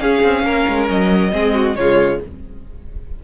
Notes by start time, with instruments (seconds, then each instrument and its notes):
0.00 cello C#4, viola C#4, violin G#4 F5
0.23 cello C4
0.43 cello A#3, violin A#4
0.68 cello G#3
0.89 cello F#3, violin D#5
1.32 cello G#3, viola C4, violin G#4
1.54 violin F#4
1.76 cello C#3, viola G#3, violin F4 C#5